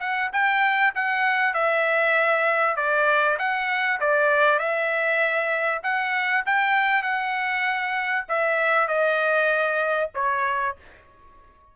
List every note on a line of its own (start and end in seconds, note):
0.00 0.31 F#5
0.33 0.94 G5
0.95 1.54 F#5
1.54 2.76 E5
2.76 3.38 D5
3.39 4.00 F#5
4.00 4.59 D5
4.59 5.82 E5
5.83 6.45 F#5
6.46 7.03 G5
7.03 8.25 F#5
8.29 8.88 E5
8.88 10.10 D#5
10.15 10.76 C#5